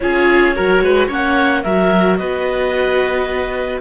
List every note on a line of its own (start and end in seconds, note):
0.00 0.57 C#4
0.00 0.54 F4
0.00 0.55 G#4
0.00 1.08 C#5
0.54 0.80 F#3
0.54 1.09 F#4
0.54 0.83 A#4
0.80 1.08 G#3
0.80 1.07 B4
1.07 1.64 A#3
1.07 1.63 C#4
1.07 1.62 C#5
1.07 1.63 F#5
1.63 2.20 F#3
1.63 3.80 F#4
1.63 2.18 A#4
1.63 2.17 E5
2.17 3.80 B3
2.17 3.80 B4
2.17 3.80 D#5